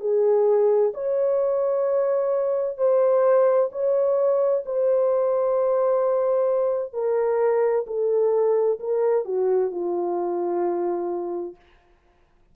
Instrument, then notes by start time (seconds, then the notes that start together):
horn
0.00 G#4
0.94 C#5
2.78 C5
3.72 C#5
4.66 C5
6.94 A#4
7.87 A4
8.80 A#4
9.25 F#4
9.71 F4